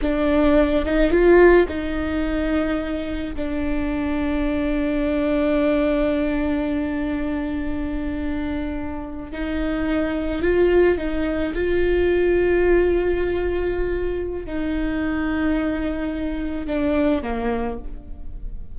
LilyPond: \new Staff \with { instrumentName = "viola" } { \time 4/4 \tempo 4 = 108 d'4. dis'8 f'4 dis'4~ | dis'2 d'2~ | d'1~ | d'1~ |
d'8. dis'2 f'4 dis'16~ | dis'8. f'2.~ f'16~ | f'2 dis'2~ | dis'2 d'4 ais4 | }